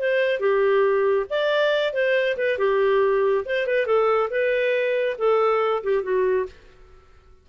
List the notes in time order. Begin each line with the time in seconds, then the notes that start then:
0.00 C5
0.40 G4
1.30 D5
1.94 C5
2.37 B4
2.59 G4
3.46 C5
3.67 B4
3.87 A4
4.31 B4
5.19 A4
5.84 G4
6.04 F#4